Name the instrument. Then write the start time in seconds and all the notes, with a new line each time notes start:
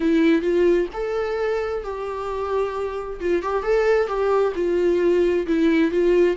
viola
0.00 E4
0.41 F4
0.93 A4
1.83 G4
3.20 F4
3.42 G4
3.62 A4
4.07 G4
4.55 F4
5.46 E4
5.91 F4